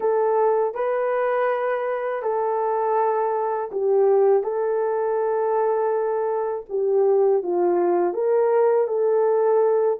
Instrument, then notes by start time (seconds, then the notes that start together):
horn
0.00 A4
0.74 B4
2.22 A4
3.71 G4
4.43 A4
6.69 G4
7.42 F4
8.13 A#4
8.87 A4